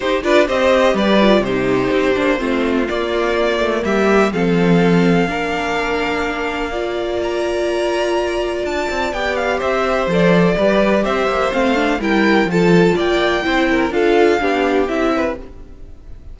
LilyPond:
<<
  \new Staff \with { instrumentName = "violin" } { \time 4/4 \tempo 4 = 125 c''8 d''8 dis''4 d''4 c''4~ | c''2 d''2 | e''4 f''2.~ | f''2. ais''4~ |
ais''2 a''4 g''8 f''8 | e''4 d''2 e''4 | f''4 g''4 a''4 g''4~ | g''4 f''2 e''4 | }
  \new Staff \with { instrumentName = "violin" } { \time 4/4 g'8 b'8 c''4 b'4 g'4~ | g'4 f'2. | g'4 a'2 ais'4~ | ais'2 d''2~ |
d''1 | c''2 b'4 c''4~ | c''4 ais'4 a'4 d''4 | c''8 ais'8 a'4 g'4. b'8 | }
  \new Staff \with { instrumentName = "viola" } { \time 4/4 dis'8 f'8 g'4. f'8 dis'4~ | dis'8 d'8 c'4 ais2~ | ais4 c'2 d'4~ | d'2 f'2~ |
f'2. g'4~ | g'4 a'4 g'2 | c'8 d'8 e'4 f'2 | e'4 f'4 d'4 e'4 | }
  \new Staff \with { instrumentName = "cello" } { \time 4/4 dis'8 d'8 c'4 g4 c4 | c'8 ais8 a4 ais4. a8 | g4 f2 ais4~ | ais1~ |
ais2 d'8 c'8 b4 | c'4 f4 g4 c'8 ais8 | a4 g4 f4 ais4 | c'4 d'4 b4 c'4 | }
>>